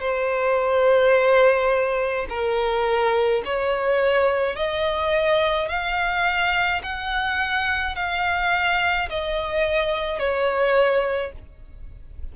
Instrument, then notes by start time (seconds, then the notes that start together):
violin
0.00 C5
2.29 A#4
3.44 C#5
4.55 D#5
5.68 F5
6.83 F#5
7.95 F5
9.09 D#5
10.19 C#5